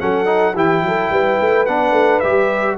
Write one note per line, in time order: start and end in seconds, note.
0.00 0.56 F#3
0.00 0.26 C#4
0.00 0.55 A4
0.00 0.56 F#5
0.26 0.54 D#4
0.55 0.83 E3
0.55 1.67 E4
0.55 0.83 G4
0.55 1.66 G5
0.83 1.10 F#3
0.83 1.12 A4
1.10 1.38 G3
1.10 2.78 B4
1.41 1.68 A3
1.66 1.92 B3
1.66 2.24 D4
1.66 2.20 F#5
1.92 2.19 A3
2.20 2.78 G3
2.20 2.78 G4
2.20 2.76 E5